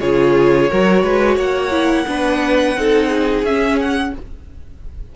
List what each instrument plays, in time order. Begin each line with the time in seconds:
0.00 cello C#3, viola F4, violin G#4 C#5
0.69 cello F#3, viola F#4, violin A#4
1.02 cello G#3, violin B4
1.36 cello A#3, violin C#5 F#5
1.71 viola E4
2.07 cello B3, viola D4, violin B4
2.76 cello C4, viola D#4, violin A4
3.09 violin G#4
3.43 cello C#4, viola C#4, violin E5
3.80 violin F#5